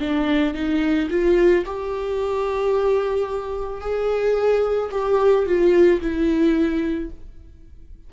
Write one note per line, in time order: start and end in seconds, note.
0.00 0.55 D4
0.55 1.09 D#4
1.11 1.65 F4
1.66 3.81 G4
3.81 4.90 G#4
4.91 5.46 G4
5.46 6.00 F4
6.01 7.10 E4